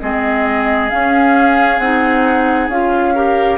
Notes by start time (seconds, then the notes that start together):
0.00 G#3 C4 G#4 D#5
0.90 C#4 F5
1.79 C4 D#4 F#5
2.68 C#4 F4 F5
3.15 G4 A#4